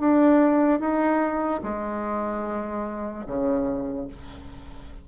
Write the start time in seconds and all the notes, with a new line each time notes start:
0.00 D4
0.80 D#4
1.63 G#3
3.27 C#3